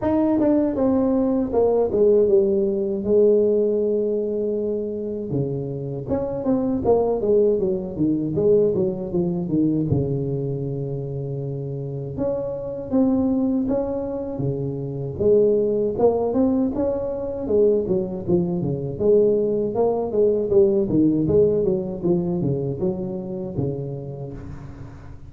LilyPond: \new Staff \with { instrumentName = "tuba" } { \time 4/4 \tempo 4 = 79 dis'8 d'8 c'4 ais8 gis8 g4 | gis2. cis4 | cis'8 c'8 ais8 gis8 fis8 dis8 gis8 fis8 | f8 dis8 cis2. |
cis'4 c'4 cis'4 cis4 | gis4 ais8 c'8 cis'4 gis8 fis8 | f8 cis8 gis4 ais8 gis8 g8 dis8 | gis8 fis8 f8 cis8 fis4 cis4 | }